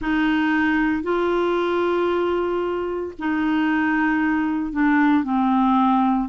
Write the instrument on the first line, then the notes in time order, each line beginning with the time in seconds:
clarinet
0.00 D#4
1.02 F4
3.18 D#4
4.72 D4
5.23 C4